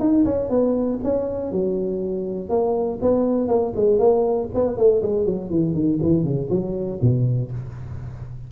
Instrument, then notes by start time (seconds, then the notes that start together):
tuba
0.00 D#4
0.25 C#4
0.50 B3
1.04 C#4
1.52 F#3
2.50 A#3
3.02 B3
3.48 A#3
3.76 G#3
3.99 A#3
4.55 B3
4.77 A3
5.03 G#3
5.26 F#3
5.51 E3
5.75 D#3
6.02 E3
6.24 C#3
6.51 F#3
7.02 B2